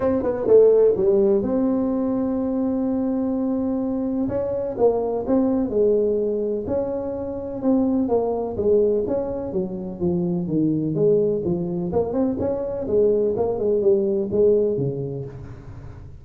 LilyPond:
\new Staff \with { instrumentName = "tuba" } { \time 4/4 \tempo 4 = 126 c'8 b8 a4 g4 c'4~ | c'1~ | c'4 cis'4 ais4 c'4 | gis2 cis'2 |
c'4 ais4 gis4 cis'4 | fis4 f4 dis4 gis4 | f4 ais8 c'8 cis'4 gis4 | ais8 gis8 g4 gis4 cis4 | }